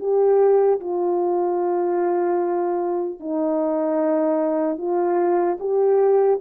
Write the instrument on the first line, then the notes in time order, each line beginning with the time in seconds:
horn
0.00 G4
0.81 F4
3.20 D#4
4.78 F4
5.60 G4